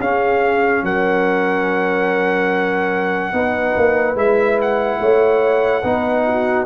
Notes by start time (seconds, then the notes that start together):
0.00 C#4 G#4 F5
0.83 F#3 A#4 F#5
3.33 B3 D#4 B4
3.77 A#3
4.15 G#3 E4 E5
4.61 F#5
5.00 A3 C#5
5.82 B3 D#4 B4
6.26 F#4